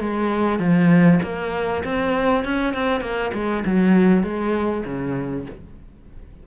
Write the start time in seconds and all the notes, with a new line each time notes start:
0.00 G#3
0.59 F3
1.23 A#3
1.84 C4
2.44 C#4
2.74 C4
3.01 A#3
3.34 G#3
3.66 F#3
4.23 G#3
4.85 C#3